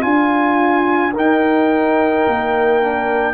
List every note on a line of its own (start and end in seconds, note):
0.00 1.15 D4
0.00 1.11 F4
0.00 1.13 F4
0.00 1.12 G#5
1.13 2.26 D#4
1.13 2.81 D#4
1.13 3.33 A#4
1.13 3.33 G5
2.28 3.33 A#3
2.81 3.33 D4